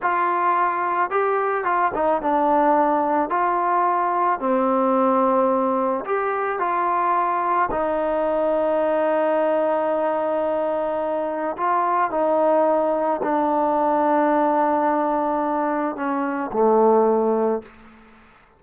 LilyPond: \new Staff \with { instrumentName = "trombone" } { \time 4/4 \tempo 4 = 109 f'2 g'4 f'8 dis'8 | d'2 f'2 | c'2. g'4 | f'2 dis'2~ |
dis'1~ | dis'4 f'4 dis'2 | d'1~ | d'4 cis'4 a2 | }